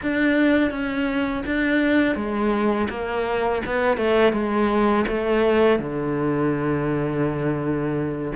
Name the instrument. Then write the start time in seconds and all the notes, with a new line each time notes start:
cello
0.02 D4
0.70 C#4
1.46 D4
2.15 G#3
2.89 A#3
3.66 B3
3.97 A3
4.32 G#3
5.07 A3
5.79 D3